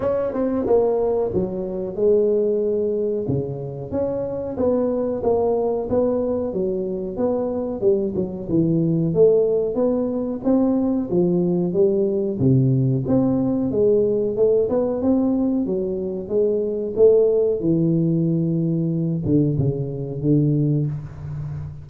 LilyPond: \new Staff \with { instrumentName = "tuba" } { \time 4/4 \tempo 4 = 92 cis'8 c'8 ais4 fis4 gis4~ | gis4 cis4 cis'4 b4 | ais4 b4 fis4 b4 | g8 fis8 e4 a4 b4 |
c'4 f4 g4 c4 | c'4 gis4 a8 b8 c'4 | fis4 gis4 a4 e4~ | e4. d8 cis4 d4 | }